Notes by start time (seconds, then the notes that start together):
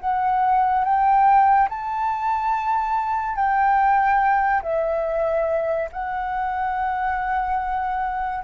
0.00 F#5
0.85 G5
1.69 A5
3.36 G5
4.62 E5
5.92 F#5